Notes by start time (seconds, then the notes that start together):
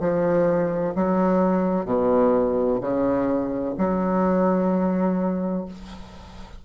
0.00 F3
0.95 F#3
1.85 B2
2.81 C#3
3.78 F#3